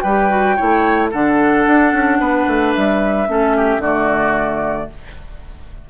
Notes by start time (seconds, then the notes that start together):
0.00 G3 B4 G5
0.06 G4
0.29 F#4
0.56 A3 E4 C#5
1.10 D3 D4 A4 F#5
1.66 D4
1.93 C#4
2.19 B3 B4
2.47 A3
2.74 G3 E5
3.27 A3 C#4 A4
3.56 G4
3.78 D3 A3 F#4 D5